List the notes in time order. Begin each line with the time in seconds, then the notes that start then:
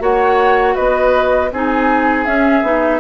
0.00 A#3 F#4 C#5 F#5
0.75 B3 B4 D#5
1.52 C4 D#4 G#4 G#5
2.26 C#4 E5
2.63 B3 D#4